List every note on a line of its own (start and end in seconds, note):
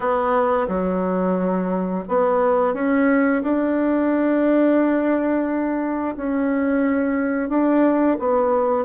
0.00 0.67 B3
0.68 2.04 F#3
2.08 2.74 B3
2.74 3.42 C#4
3.42 6.15 D4
6.16 7.49 C#4
7.49 8.17 D4
8.19 8.85 B3